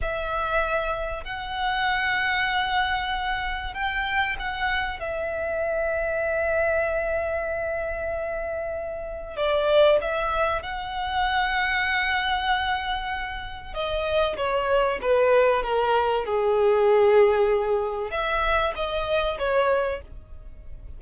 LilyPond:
\new Staff \with { instrumentName = "violin" } { \time 4/4 \tempo 4 = 96 e''2 fis''2~ | fis''2 g''4 fis''4 | e''1~ | e''2. d''4 |
e''4 fis''2.~ | fis''2 dis''4 cis''4 | b'4 ais'4 gis'2~ | gis'4 e''4 dis''4 cis''4 | }